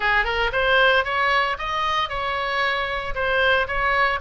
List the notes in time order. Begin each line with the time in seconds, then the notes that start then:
0.00 G#4
0.24 A#4
0.52 C5
1.04 C#5
1.58 D#5
2.09 C#5
3.14 C5
3.67 C#5